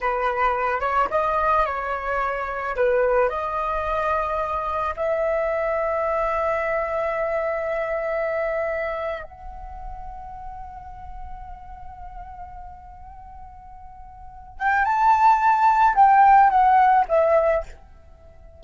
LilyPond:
\new Staff \with { instrumentName = "flute" } { \time 4/4 \tempo 4 = 109 b'4. cis''8 dis''4 cis''4~ | cis''4 b'4 dis''2~ | dis''4 e''2.~ | e''1~ |
e''8. fis''2.~ fis''16~ | fis''1~ | fis''2~ fis''8 g''8 a''4~ | a''4 g''4 fis''4 e''4 | }